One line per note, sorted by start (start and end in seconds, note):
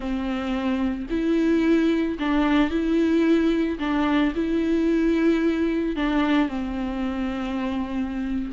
0.00 1.06 C4
1.10 2.18 E4
2.19 2.70 D4
2.70 3.78 E4
3.79 4.33 D4
4.35 5.96 E4
5.96 6.48 D4
6.48 8.51 C4